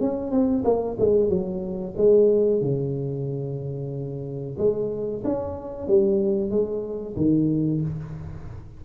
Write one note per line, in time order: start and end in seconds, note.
0.00 0.31 C#4
0.31 0.63 C4
0.64 0.97 A#3
0.99 1.29 G#3
1.29 1.94 F#3
1.97 2.61 G#3
2.61 4.57 C#3
4.58 5.23 G#3
5.24 5.88 C#4
5.88 6.50 G3
6.50 7.15 G#3
7.17 7.81 D#3